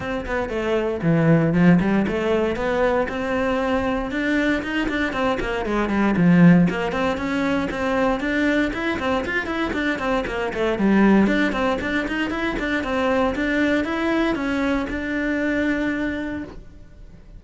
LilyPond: \new Staff \with { instrumentName = "cello" } { \time 4/4 \tempo 4 = 117 c'8 b8 a4 e4 f8 g8 | a4 b4 c'2 | d'4 dis'8 d'8 c'8 ais8 gis8 g8 | f4 ais8 c'8 cis'4 c'4 |
d'4 e'8 c'8 f'8 e'8 d'8 c'8 | ais8 a8 g4 d'8 c'8 d'8 dis'8 | e'8 d'8 c'4 d'4 e'4 | cis'4 d'2. | }